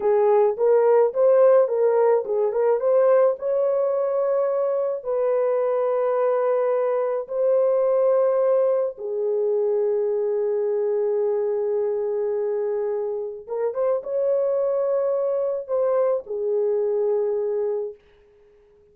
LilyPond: \new Staff \with { instrumentName = "horn" } { \time 4/4 \tempo 4 = 107 gis'4 ais'4 c''4 ais'4 | gis'8 ais'8 c''4 cis''2~ | cis''4 b'2.~ | b'4 c''2. |
gis'1~ | gis'1 | ais'8 c''8 cis''2. | c''4 gis'2. | }